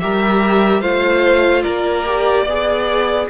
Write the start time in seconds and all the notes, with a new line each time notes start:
0.00 G3 G4 A#4 E5
0.81 A3 F4 C5 F5
1.62 A#3 A#4 D5
2.06 G4
2.43 B3 G#4 D5